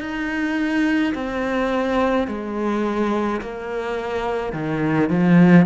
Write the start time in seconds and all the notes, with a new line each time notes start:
0.00 D#4
1.14 C4
2.27 G#3
3.41 A#3
4.53 D#3
5.09 F3